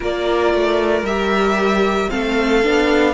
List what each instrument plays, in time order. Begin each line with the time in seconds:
0.00 cello A#3, viola F4, violin A#4 D5
0.54 cello A3
1.02 cello G3, viola G4, violin E5
2.09 cello A3, viola C4, violin A4 F5
2.62 cello B3, viola D4